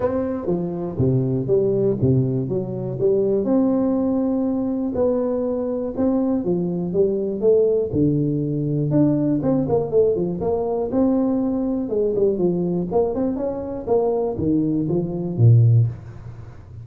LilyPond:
\new Staff \with { instrumentName = "tuba" } { \time 4/4 \tempo 4 = 121 c'4 f4 c4 g4 | c4 fis4 g4 c'4~ | c'2 b2 | c'4 f4 g4 a4 |
d2 d'4 c'8 ais8 | a8 f8 ais4 c'2 | gis8 g8 f4 ais8 c'8 cis'4 | ais4 dis4 f4 ais,4 | }